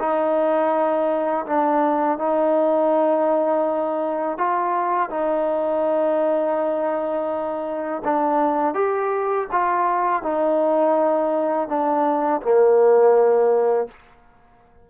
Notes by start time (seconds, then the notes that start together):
0.00 D#4
1.46 D4
2.19 D#4
4.38 F4
5.10 D#4
8.05 D4
8.75 G4
9.52 F4
10.23 D#4
11.68 D4
12.42 A#3